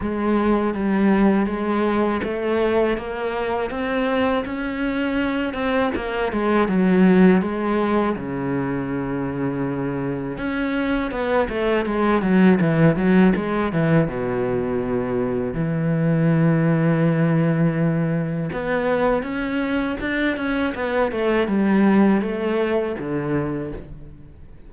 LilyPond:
\new Staff \with { instrumentName = "cello" } { \time 4/4 \tempo 4 = 81 gis4 g4 gis4 a4 | ais4 c'4 cis'4. c'8 | ais8 gis8 fis4 gis4 cis4~ | cis2 cis'4 b8 a8 |
gis8 fis8 e8 fis8 gis8 e8 b,4~ | b,4 e2.~ | e4 b4 cis'4 d'8 cis'8 | b8 a8 g4 a4 d4 | }